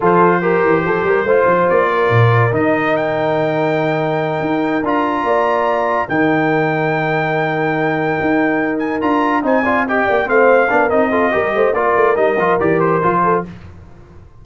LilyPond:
<<
  \new Staff \with { instrumentName = "trumpet" } { \time 4/4 \tempo 4 = 143 c''1 | d''2 dis''4 g''4~ | g''2.~ g''8 ais''8~ | ais''2~ ais''8 g''4.~ |
g''1~ | g''4 gis''8 ais''4 gis''4 g''8~ | g''8 f''4. dis''2 | d''4 dis''4 d''8 c''4. | }
  \new Staff \with { instrumentName = "horn" } { \time 4/4 a'4 ais'4 a'8 ais'8 c''4~ | c''8 ais'2.~ ais'8~ | ais'1~ | ais'8 d''2 ais'4.~ |
ais'1~ | ais'2~ ais'8 c''8 d''8 dis''8 | d''8 c''4 ais'4 a'8 ais'8 c''8 | ais'2.~ ais'8 a'8 | }
  \new Staff \with { instrumentName = "trombone" } { \time 4/4 f'4 g'2 f'4~ | f'2 dis'2~ | dis'2.~ dis'8 f'8~ | f'2~ f'8 dis'4.~ |
dis'1~ | dis'4. f'4 dis'8 f'8 g'8~ | g'8 c'4 d'8 dis'8 f'8 g'4 | f'4 dis'8 f'8 g'4 f'4 | }
  \new Staff \with { instrumentName = "tuba" } { \time 4/4 f4. e8 f8 g8 a8 f8 | ais4 ais,4 dis2~ | dis2~ dis8 dis'4 d'8~ | d'8 ais2 dis4.~ |
dis2.~ dis8 dis'8~ | dis'4. d'4 c'4. | ais8 a4 b8 c'4 g8 a8 | ais8 a8 g8 f8 e4 f4 | }
>>